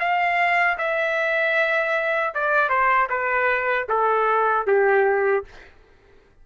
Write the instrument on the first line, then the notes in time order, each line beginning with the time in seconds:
trumpet
0.00 F5
0.78 E5
2.34 D5
2.69 C5
3.10 B4
3.89 A4
4.67 G4